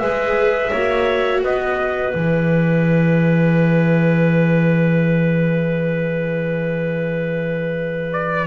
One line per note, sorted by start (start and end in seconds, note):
0.00 0.71 G#3
0.00 0.71 G#4
0.00 0.70 B4
0.00 1.41 E5
0.70 1.43 A#3
0.70 2.13 F#4
0.70 1.41 C#5
1.43 2.14 B3
1.43 8.47 B4
1.43 2.14 D#5
2.13 8.47 E3
2.13 8.47 G#4
2.13 8.12 E5
8.12 8.47 D5